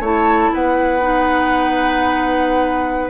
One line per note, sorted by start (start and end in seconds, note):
0.00 0.50 A3
0.00 1.01 E4
0.00 0.51 C#5
0.00 0.54 A5
0.54 3.10 B3
0.54 3.10 B4
0.54 3.10 F#5
1.01 3.10 D#4